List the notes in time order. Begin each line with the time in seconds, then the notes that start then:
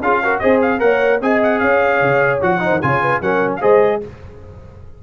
0.00 C#4 F4 G#4 F5
0.24 F#4 A#4
0.39 C4 G#4 C5 D#5
0.62 F5
0.79 A#3 A#4 C#5 F#5
1.21 C4 G#4 D#5 G#5
1.43 F#5
1.59 C#4 C#5 F5
2.01 C#3
2.41 F3 F#4 F#5
2.60 D#4 C5
2.70 D#3
2.82 C#3 F4 C#5 G#5
3.01 B4
3.21 F#3 C#4 A#4 F#5
3.56 G#4 C5 F5
3.62 G#3 D#5